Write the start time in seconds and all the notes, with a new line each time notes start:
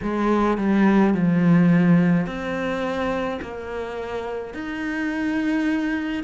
0.02 G#3
0.57 G3
1.13 F3
2.26 C4
3.41 A#3
4.53 D#4